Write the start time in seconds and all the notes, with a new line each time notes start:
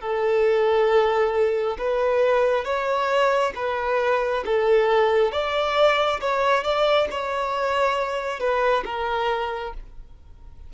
0.00 A4
1.78 B4
2.64 C#5
3.55 B4
4.45 A4
5.31 D5
6.20 C#5
6.63 D5
7.10 C#5
8.39 B4
8.85 A#4